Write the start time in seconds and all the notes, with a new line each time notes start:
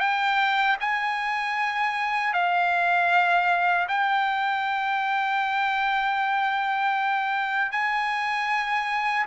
0.00 G5
0.80 G#5
2.34 F5
3.88 G5
7.72 G#5